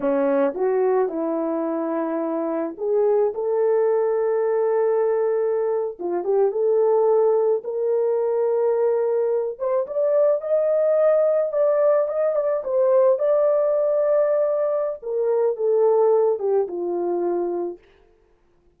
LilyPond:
\new Staff \with { instrumentName = "horn" } { \time 4/4 \tempo 4 = 108 cis'4 fis'4 e'2~ | e'4 gis'4 a'2~ | a'2~ a'8. f'8 g'8 a'16~ | a'4.~ a'16 ais'2~ ais'16~ |
ais'4~ ais'16 c''8 d''4 dis''4~ dis''16~ | dis''8. d''4 dis''8 d''8 c''4 d''16~ | d''2. ais'4 | a'4. g'8 f'2 | }